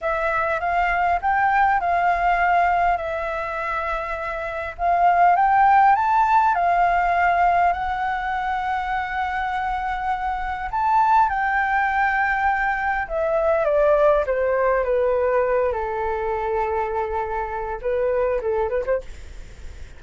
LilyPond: \new Staff \with { instrumentName = "flute" } { \time 4/4 \tempo 4 = 101 e''4 f''4 g''4 f''4~ | f''4 e''2. | f''4 g''4 a''4 f''4~ | f''4 fis''2.~ |
fis''2 a''4 g''4~ | g''2 e''4 d''4 | c''4 b'4. a'4.~ | a'2 b'4 a'8 b'16 c''16 | }